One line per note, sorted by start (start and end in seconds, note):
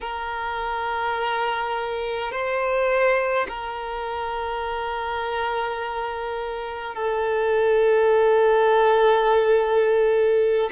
0.00 2.31 A#4
2.31 3.46 C5
3.48 6.94 A#4
6.94 10.69 A4